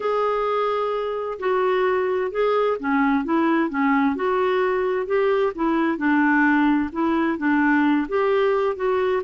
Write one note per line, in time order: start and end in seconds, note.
0.00 1.38 G#4
1.39 2.31 F#4
2.31 2.77 G#4
2.79 3.24 C#4
3.24 3.69 E4
3.69 4.15 C#4
4.15 5.06 F#4
5.06 5.52 G4
5.55 5.97 E4
5.97 6.90 D4
6.92 7.38 E4
7.38 8.07 D4
8.08 8.76 G4
8.76 9.22 F#4